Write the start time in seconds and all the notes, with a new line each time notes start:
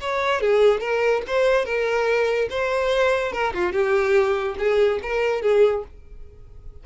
0.00 C#5
0.40 G#4
0.80 A#4
1.27 C5
1.65 A#4
2.50 C5
3.32 A#4
3.53 F4
3.72 G4
4.58 G#4
5.02 A#4
5.42 G#4